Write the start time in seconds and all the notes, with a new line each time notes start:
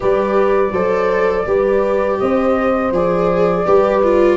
0.00 G3 G4 B4 D5
0.71 F#3 A4 C5
1.45 G3 G4 B4
2.18 C4 C5 D#5
2.91 F3 G#4 D5
3.65 G3 G4 B4
4.03 F4